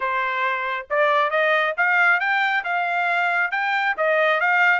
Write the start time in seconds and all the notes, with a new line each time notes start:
0.00 C5
0.90 D5
1.30 D#5
1.77 F5
2.19 G5
2.64 F5
3.51 G5
3.97 D#5
4.40 F5